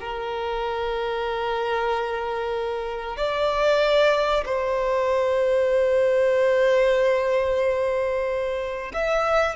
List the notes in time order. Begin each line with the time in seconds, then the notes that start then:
0.00 A#4
3.16 D5
4.45 C5
8.93 E5